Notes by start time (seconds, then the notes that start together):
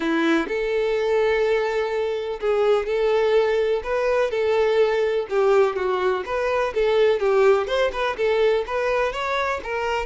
0.00 E4
0.48 A4
2.40 G#4
2.86 A4
3.83 B4
4.30 A4
5.29 G4
5.76 F#4
6.25 B4
6.74 A4
7.19 G4
7.67 C5
7.92 B4
8.16 A4
8.66 B4
9.12 C#5
9.63 A#4